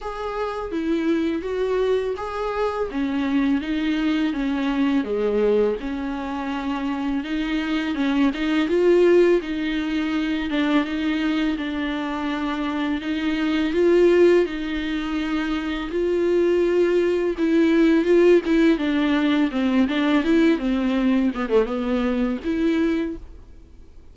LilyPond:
\new Staff \with { instrumentName = "viola" } { \time 4/4 \tempo 4 = 83 gis'4 e'4 fis'4 gis'4 | cis'4 dis'4 cis'4 gis4 | cis'2 dis'4 cis'8 dis'8 | f'4 dis'4. d'8 dis'4 |
d'2 dis'4 f'4 | dis'2 f'2 | e'4 f'8 e'8 d'4 c'8 d'8 | e'8 c'4 b16 a16 b4 e'4 | }